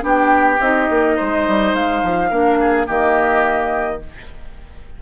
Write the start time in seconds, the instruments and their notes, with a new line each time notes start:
0.00 bassoon B3, clarinet D4, oboe G4
0.06 flute G5
0.60 bassoon C4, clarinet D#4, flute D#5
0.90 bassoon A#3
1.16 bassoon G#3, oboe C5
1.48 bassoon G3
1.74 bassoon G#3, flute F5
2.03 bassoon F3
2.30 bassoon A#3, clarinet D4, oboe A#4
2.60 oboe G#4
2.86 bassoon D#3, clarinet A#3, oboe G4, flute D#5